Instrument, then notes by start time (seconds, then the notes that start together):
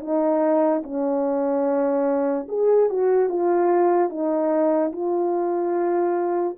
horn
0.00 D#4
0.83 C#4
2.48 G#4
2.90 F#4
3.29 F4
4.10 D#4
4.92 F4